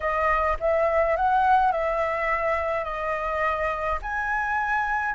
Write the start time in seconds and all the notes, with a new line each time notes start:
0.00 D#5
0.59 E5
1.16 F#5
1.71 E5
2.84 D#5
4.02 G#5